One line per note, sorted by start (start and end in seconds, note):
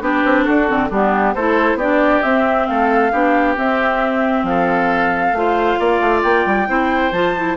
0.00 0.22 B3
0.00 0.67 D4
0.00 0.44 G4
0.00 0.44 B4
0.25 0.47 C4
0.44 0.70 D4
0.44 0.89 F#4
0.44 0.89 A4
0.67 0.90 D3
0.67 0.90 C4
0.89 1.35 G3
0.89 1.37 B3
0.89 1.34 D4
0.89 1.34 G4
1.34 1.74 A3
1.34 1.80 E4
1.34 1.77 A4
1.34 1.79 C5
1.74 2.19 B3
1.74 2.23 D4
1.74 2.66 G4
1.74 2.22 D5
2.22 3.12 C4
2.22 2.68 C4
2.22 2.66 E5
2.66 3.12 A3
2.66 3.12 A4
2.66 3.55 F5
3.12 3.57 B3
3.12 3.56 D4
3.12 4.45 G4
3.56 5.34 C4
3.56 4.43 C4
3.56 4.45 E5
4.43 5.32 F3
4.43 5.38 A4
4.43 6.23 F5
5.32 5.76 A3
5.32 6.66 F4
5.32 5.79 C5
5.79 6.00 A#3
5.79 6.68 D5
6.00 6.22 A3
6.23 6.45 A#3
6.23 7.12 G5
6.45 6.68 G3
6.66 7.12 C4
6.66 7.11 E4
6.66 7.57 C5
7.12 7.56 F3
7.12 7.36 F4
7.12 7.56 A5
7.36 7.57 E4